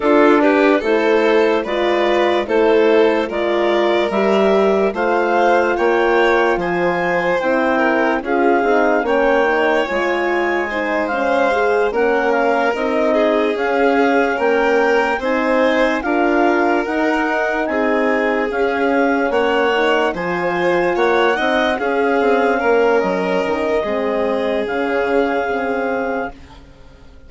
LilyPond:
<<
  \new Staff \with { instrumentName = "clarinet" } { \time 4/4 \tempo 4 = 73 a'8 b'8 c''4 d''4 c''4 | d''4 e''4 f''4 g''4 | gis''4 g''4 f''4 g''4 | gis''4. f''4 fis''8 f''8 dis''8~ |
dis''8 f''4 g''4 gis''4 f''8~ | f''8 fis''4 gis''4 f''4 fis''8~ | fis''8 gis''4 fis''4 f''4. | dis''2 f''2 | }
  \new Staff \with { instrumentName = "violin" } { \time 4/4 f'8 g'8 a'4 b'4 a'4 | ais'2 c''4 cis''4 | c''4. ais'8 gis'4 cis''4~ | cis''4 c''4. ais'4. |
gis'4. ais'4 c''4 ais'8~ | ais'4. gis'2 cis''8~ | cis''8 c''4 cis''8 dis''8 gis'4 ais'8~ | ais'4 gis'2. | }
  \new Staff \with { instrumentName = "horn" } { \time 4/4 d'4 e'4 f'4 e'4 | f'4 g'4 f'2~ | f'4 e'4 f'8 dis'8 cis'8 dis'8 | f'4 dis'8 cis'8 gis'8 cis'4 dis'8~ |
dis'8 cis'2 dis'4 f'8~ | f'8 dis'2 cis'4. | dis'8 f'4. dis'8 cis'4.~ | cis'4 c'4 cis'4 c'4 | }
  \new Staff \with { instrumentName = "bassoon" } { \time 4/4 d'4 a4 gis4 a4 | gis4 g4 a4 ais4 | f4 c'4 cis'8 c'8 ais4 | gis2~ gis8 ais4 c'8~ |
c'8 cis'4 ais4 c'4 d'8~ | d'8 dis'4 c'4 cis'4 ais8~ | ais8 f4 ais8 c'8 cis'8 c'8 ais8 | fis8 dis8 gis4 cis2 | }
>>